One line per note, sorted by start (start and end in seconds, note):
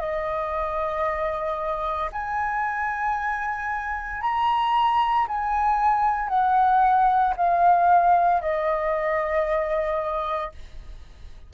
0.00 2.11 D#5
2.13 4.22 G#5
4.22 5.27 A#5
5.28 6.29 G#5
6.29 7.34 F#5
7.37 8.42 F5
8.42 10.52 D#5